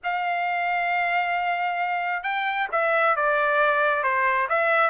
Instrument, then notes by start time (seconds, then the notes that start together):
trumpet
0.03 F5
2.23 G5
2.71 E5
3.16 D5
4.03 C5
4.49 E5